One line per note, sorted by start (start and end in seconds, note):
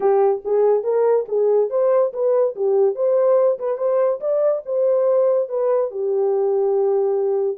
0.00 0.42 G4
0.44 0.83 G#4
0.83 1.25 A#4
1.28 1.70 G#4
1.70 2.12 C5
2.13 2.55 B4
2.55 2.95 G4
2.95 3.58 C5
3.59 3.77 B4
3.77 4.19 C5
4.20 4.62 D5
4.65 5.49 C5
5.49 5.90 B4
5.90 7.57 G4